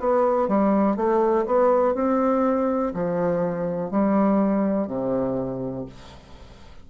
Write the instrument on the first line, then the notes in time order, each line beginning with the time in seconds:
bassoon
0.00 B3
0.49 G3
0.97 A3
1.47 B3
1.95 C4
2.95 F3
3.91 G3
4.88 C3